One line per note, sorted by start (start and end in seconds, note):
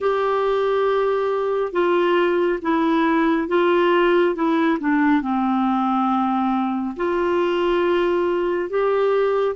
0.00 1.72 G4
1.72 2.59 F4
2.61 3.48 E4
3.48 4.35 F4
4.35 4.78 E4
4.79 5.21 D4
5.21 6.95 C4
6.96 8.69 F4
8.69 9.55 G4